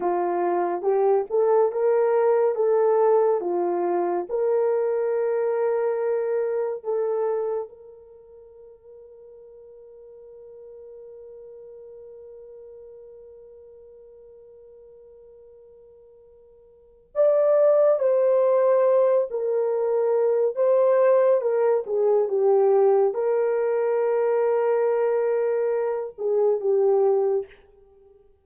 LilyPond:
\new Staff \with { instrumentName = "horn" } { \time 4/4 \tempo 4 = 70 f'4 g'8 a'8 ais'4 a'4 | f'4 ais'2. | a'4 ais'2.~ | ais'1~ |
ais'1 | d''4 c''4. ais'4. | c''4 ais'8 gis'8 g'4 ais'4~ | ais'2~ ais'8 gis'8 g'4 | }